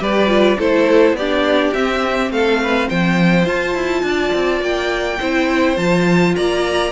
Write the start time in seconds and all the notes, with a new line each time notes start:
0.00 G3 G4 B4 D5
0.28 F4
0.59 A3 E4 A4 C5
1.13 B3 G4 D5
1.21 D4
1.74 C4 E5
2.31 A3 A4 F5
2.63 B4
2.88 F3 C5 G5
3.45 F4 A5
3.75 E4
4.03 D4 D5
4.34 C4
4.62 A#3 G5
5.20 C4 E4 C5
5.77 F3 F4 A5
6.36 A#3 D5 A#5